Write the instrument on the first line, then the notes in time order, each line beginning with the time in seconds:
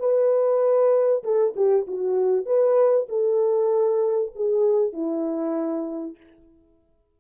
horn
0.00 B4
1.24 A4
1.57 G4
1.88 F#4
2.46 B4
3.09 A4
4.36 G#4
4.93 E4